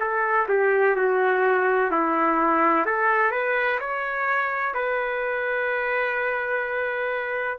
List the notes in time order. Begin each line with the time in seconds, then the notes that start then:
0.00 A4
0.49 G4
0.96 F#4
1.91 E4
2.86 A4
3.31 B4
3.80 C#5
4.74 B4